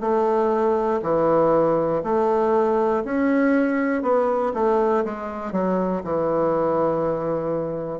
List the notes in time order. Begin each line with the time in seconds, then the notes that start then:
0.00 A3
1.02 E3
2.03 A3
3.05 C#4
4.02 B3
4.54 A3
5.05 G#3
5.52 F#3
6.04 E3